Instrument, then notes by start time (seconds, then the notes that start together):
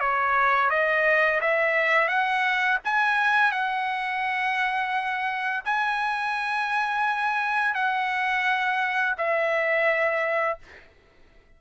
trumpet
0.00 C#5
0.70 D#5
1.41 E5
2.08 F#5
2.85 G#5
3.52 F#5
5.65 G#5
7.75 F#5
9.18 E5